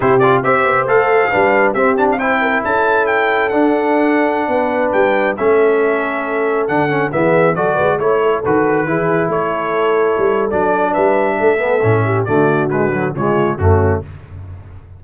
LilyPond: <<
  \new Staff \with { instrumentName = "trumpet" } { \time 4/4 \tempo 4 = 137 c''8 d''8 e''4 f''2 | e''8 a''16 f''16 g''4 a''4 g''4 | fis''2.~ fis''16 g''8.~ | g''16 e''2. fis''8.~ |
fis''16 e''4 d''4 cis''4 b'8.~ | b'4~ b'16 cis''2~ cis''8. | d''4 e''2. | d''4 b'4 cis''4 fis'4 | }
  \new Staff \with { instrumentName = "horn" } { \time 4/4 g'4 c''2 b'4 | g'4 c''8 ais'8 a'2~ | a'2~ a'16 b'4.~ b'16~ | b'16 a'2.~ a'8.~ |
a'16 gis'4 a'8 b'8 cis''8 a'4~ a'16~ | a'16 gis'4 a'2~ a'8.~ | a'4 b'4 a'4. g'8 | fis'2 f'4 cis'4 | }
  \new Staff \with { instrumentName = "trombone" } { \time 4/4 e'8 f'8 g'4 a'4 d'4 | c'8 d'8 e'2. | d'1~ | d'16 cis'2. d'8 cis'16~ |
cis'16 b4 fis'4 e'4 fis'8.~ | fis'16 e'2.~ e'8. | d'2~ d'8 b8 cis'4 | a4 gis8 fis8 gis4 a4 | }
  \new Staff \with { instrumentName = "tuba" } { \time 4/4 c4 c'8 b8 a4 g4 | c'2 cis'2 | d'2~ d'16 b4 g8.~ | g16 a2. d8.~ |
d16 e4 fis8 gis8 a4 dis8.~ | dis16 e4 a2 g8. | fis4 g4 a4 a,4 | d2 cis4 fis,4 | }
>>